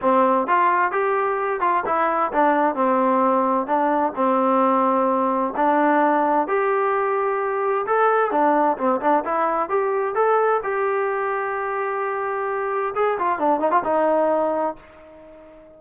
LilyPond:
\new Staff \with { instrumentName = "trombone" } { \time 4/4 \tempo 4 = 130 c'4 f'4 g'4. f'8 | e'4 d'4 c'2 | d'4 c'2. | d'2 g'2~ |
g'4 a'4 d'4 c'8 d'8 | e'4 g'4 a'4 g'4~ | g'1 | gis'8 f'8 d'8 dis'16 f'16 dis'2 | }